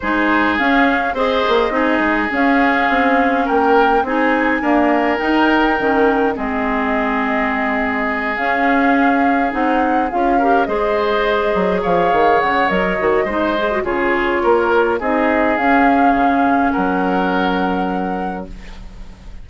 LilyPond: <<
  \new Staff \with { instrumentName = "flute" } { \time 4/4 \tempo 4 = 104 c''4 f''4 dis''2 | f''2 g''4 gis''4~ | gis''4 g''2 dis''4~ | dis''2~ dis''8 f''4.~ |
f''8 fis''4 f''4 dis''4.~ | dis''8 f''4 fis''8 dis''2 | cis''2 dis''4 f''4~ | f''4 fis''2. | }
  \new Staff \with { instrumentName = "oboe" } { \time 4/4 gis'2 c''4 gis'4~ | gis'2 ais'4 gis'4 | ais'2. gis'4~ | gis'1~ |
gis'2 ais'8 c''4.~ | c''8 cis''2~ cis''8 c''4 | gis'4 ais'4 gis'2~ | gis'4 ais'2. | }
  \new Staff \with { instrumentName = "clarinet" } { \time 4/4 dis'4 cis'4 gis'4 dis'4 | cis'2. dis'4 | ais4 dis'4 cis'4 c'4~ | c'2~ c'8 cis'4.~ |
cis'8 dis'4 f'8 g'8 gis'4.~ | gis'2 ais'8 fis'8 dis'8 gis'16 fis'16 | f'2 dis'4 cis'4~ | cis'1 | }
  \new Staff \with { instrumentName = "bassoon" } { \time 4/4 gis4 cis'4 c'8 ais8 c'8 gis8 | cis'4 c'4 ais4 c'4 | d'4 dis'4 dis4 gis4~ | gis2~ gis8 cis'4.~ |
cis'8 c'4 cis'4 gis4. | fis8 f8 dis8 cis8 fis8 dis8 gis4 | cis4 ais4 c'4 cis'4 | cis4 fis2. | }
>>